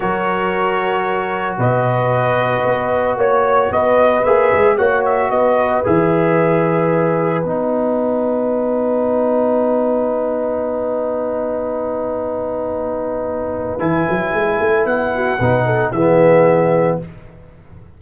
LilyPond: <<
  \new Staff \with { instrumentName = "trumpet" } { \time 4/4 \tempo 4 = 113 cis''2. dis''4~ | dis''2 cis''4 dis''4 | e''4 fis''8 e''8 dis''4 e''4~ | e''2 fis''2~ |
fis''1~ | fis''1~ | fis''2 gis''2 | fis''2 e''2 | }
  \new Staff \with { instrumentName = "horn" } { \time 4/4 ais'2. b'4~ | b'2 cis''4 b'4~ | b'4 cis''4 b'2~ | b'1~ |
b'1~ | b'1~ | b'1~ | b'8 fis'8 b'8 a'8 gis'2 | }
  \new Staff \with { instrumentName = "trombone" } { \time 4/4 fis'1~ | fis'1 | gis'4 fis'2 gis'4~ | gis'2 dis'2~ |
dis'1~ | dis'1~ | dis'2 e'2~ | e'4 dis'4 b2 | }
  \new Staff \with { instrumentName = "tuba" } { \time 4/4 fis2. b,4~ | b,4 b4 ais4 b4 | ais8 gis8 ais4 b4 e4~ | e2 b2~ |
b1~ | b1~ | b2 e8 fis8 gis8 a8 | b4 b,4 e2 | }
>>